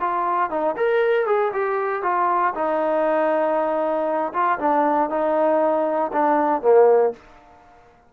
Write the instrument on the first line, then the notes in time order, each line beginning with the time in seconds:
trombone
0.00 F4
0.50 D#4
0.76 A#4
1.26 G#4
1.53 G4
2.02 F4
2.54 D#4
4.33 F4
4.59 D4
5.10 D#4
6.12 D4
6.62 A#3